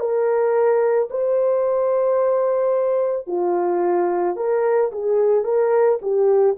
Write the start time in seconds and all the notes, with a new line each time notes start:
0.00 A#4
1.11 C5
3.27 F4
4.37 A#4
4.92 G#4
5.44 A#4
6.02 G4